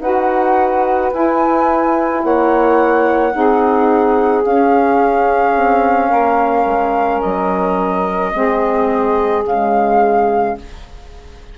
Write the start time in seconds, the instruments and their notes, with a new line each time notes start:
0.00 bassoon D#4, saxophone F#4 B4, flute F#5
1.12 saxophone E4, bassoon E4, flute G#5
2.23 bassoon A#3, saxophone C#5, flute F#5
3.32 bassoon C4, saxophone D#4 G#4
4.45 bassoon C#4, saxophone C#4, flute F5
5.56 bassoon C4
6.10 bassoon A#3, saxophone A#4
6.66 bassoon G#3
7.21 bassoon F#3, flute D#5
8.33 bassoon G#3, saxophone C4 G#4
9.44 bassoon C#3, saxophone G#3, flute F5